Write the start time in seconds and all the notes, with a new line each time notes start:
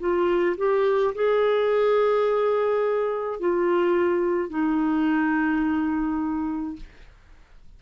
0.00 F4
0.58 G4
1.15 G#4
3.40 F4
4.50 D#4